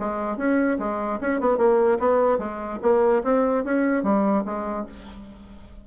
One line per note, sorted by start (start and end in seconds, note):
0.00 0.37 G#3
0.37 0.78 C#4
0.79 1.20 G#3
1.21 1.41 C#4
1.41 1.58 B3
1.58 1.99 A#3
1.99 2.39 B3
2.39 2.79 G#3
2.82 3.23 A#3
3.24 3.64 C4
3.65 4.03 C#4
4.03 4.44 G3
4.45 4.86 G#3